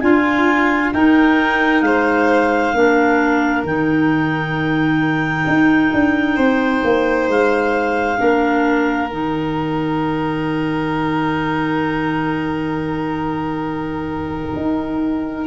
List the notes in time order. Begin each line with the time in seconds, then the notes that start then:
0.00 D4 F4 G#5
0.93 D#4 A#4 G5
1.81 G#3 C5 F5
2.73 A#3 D4 A#4
3.63 D#3 D#4 G5
5.46 D#4
5.93 D4
6.35 C4 C5
6.84 A#3
7.27 G#3 F5
8.17 A#3 D4 A#4
9.09 D#3 D#4 G5
14.56 D#4